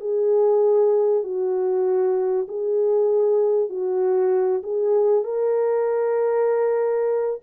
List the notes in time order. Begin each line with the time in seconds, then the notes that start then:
0.00 G#4
1.23 F#4
2.48 G#4
3.69 F#4
4.63 G#4
5.24 A#4